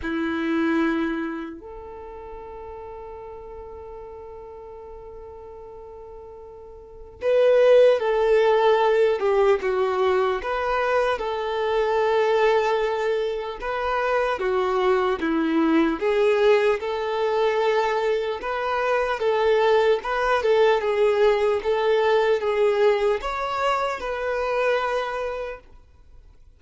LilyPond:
\new Staff \with { instrumentName = "violin" } { \time 4/4 \tempo 4 = 75 e'2 a'2~ | a'1~ | a'4 b'4 a'4. g'8 | fis'4 b'4 a'2~ |
a'4 b'4 fis'4 e'4 | gis'4 a'2 b'4 | a'4 b'8 a'8 gis'4 a'4 | gis'4 cis''4 b'2 | }